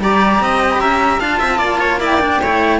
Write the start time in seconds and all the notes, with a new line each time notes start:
0.00 G3 G4 D5 A#5
0.40 C4 D#5
0.63 G5
0.71 B5
0.79 C#4 E5 A#5
1.20 D4 F4 F5 A5
1.40 C4 E5
1.58 A#3 D5
1.80 C#5
2.00 E4 D5 G5
2.21 D4
2.43 A3 E4 C#5